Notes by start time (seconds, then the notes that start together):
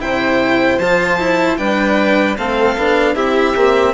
0.00 C3 E4 C5 G5
0.79 F3 F4 A5
1.19 E4
1.57 G3 D4 B4 G5
2.38 A3 C4 A4 F5
2.76 B3 D4
3.15 C4 E4 G4 E5
3.55 A#3 C4